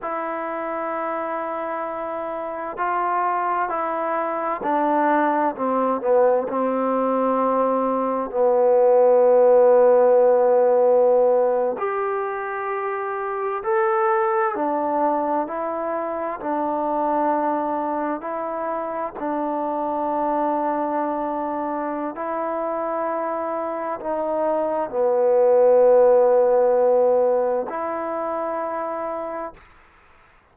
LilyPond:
\new Staff \with { instrumentName = "trombone" } { \time 4/4 \tempo 4 = 65 e'2. f'4 | e'4 d'4 c'8 b8 c'4~ | c'4 b2.~ | b8. g'2 a'4 d'16~ |
d'8. e'4 d'2 e'16~ | e'8. d'2.~ d'16 | e'2 dis'4 b4~ | b2 e'2 | }